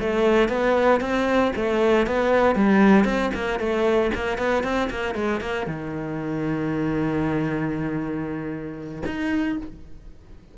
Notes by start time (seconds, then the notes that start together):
0.00 A3
0.49 B3
1.01 C4
1.56 A3
2.07 B3
2.56 G3
3.05 C4
3.35 A#3
3.60 A3
4.15 A#3
4.38 B3
4.64 C4
4.91 A#3
5.15 G#3
5.41 A#3
5.67 D#3
9.06 D#4